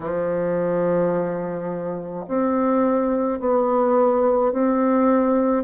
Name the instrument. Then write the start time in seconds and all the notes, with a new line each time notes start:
bassoon
0.00 F3
2.27 C4
3.40 B3
4.52 C4